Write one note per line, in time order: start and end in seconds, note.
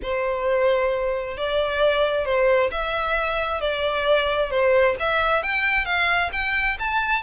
0.02 1.37 C5
1.37 2.25 D5
2.25 2.70 C5
2.71 3.60 E5
3.60 4.50 D5
4.50 4.95 C5
4.99 5.42 E5
5.42 5.85 G5
5.85 6.30 F5
6.32 6.77 G5
6.79 7.23 A5